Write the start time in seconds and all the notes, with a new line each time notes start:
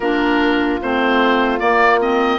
0.00 A#3 D4 F4 A#4
0.82 A3 C4 C5
1.59 A#3 D5
2.00 C4 D#5